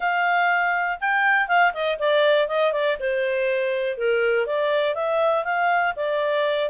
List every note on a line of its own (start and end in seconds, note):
0.00 0.98 F5
1.00 1.47 G5
1.47 1.72 F5
1.73 1.98 D#5
1.98 2.48 D5
2.48 2.72 D#5
2.72 2.97 D5
2.99 3.97 C5
3.97 4.46 A#4
4.46 4.95 D5
4.95 5.44 E5
5.44 5.94 F5
5.95 6.69 D5